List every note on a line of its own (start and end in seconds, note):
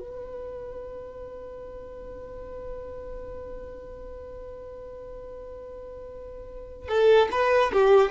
0.00 6.88 B4
6.88 7.29 A4
7.32 7.72 B4
7.73 8.12 G4